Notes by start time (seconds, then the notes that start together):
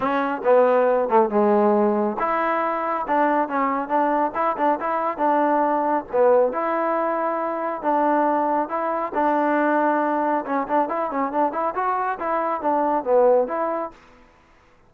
0.00 C#4
0.44 B3
1.08 A3
1.29 G#3
2.19 E4
3.07 D4
3.48 C#4
3.88 D4
4.34 E4
4.57 D4
4.80 E4
5.17 D4
6.12 B3
6.52 E4
7.81 D4
8.69 E4
9.14 D4
10.45 C#4
10.67 D4
10.89 E4
11.10 C#4
11.31 D4
11.52 E4
11.75 F#4
12.19 E4
12.61 D4
13.04 B3
13.47 E4